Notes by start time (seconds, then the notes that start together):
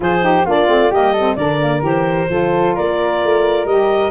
0.00 F3 F4 G#4 C5
0.21 D#4 G4
0.45 A#3 D4 F4 D5
0.67 A3 C4
0.90 G3 A#3 G4 D#5
1.12 A4
1.18 C4
1.35 D3 D4 A#4 D5
1.60 A#3
1.81 E3 G4 C5
2.29 F3 F4 A4
2.75 A#3 A#4 D5
3.24 A3
3.64 G3 G4 D#5